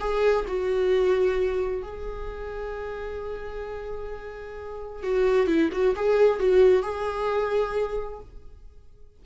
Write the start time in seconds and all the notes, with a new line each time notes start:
0.00 G#4
0.48 F#4
1.83 G#4
5.03 F#4
5.47 E4
5.73 F#4
5.96 G#4
6.40 F#4
6.83 G#4